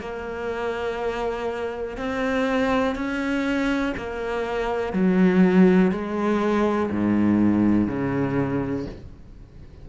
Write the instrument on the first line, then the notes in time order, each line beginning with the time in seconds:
cello
0.00 A#3
1.97 C4
2.95 C#4
3.97 A#3
4.93 F#3
5.91 G#3
6.90 G#2
7.87 C#3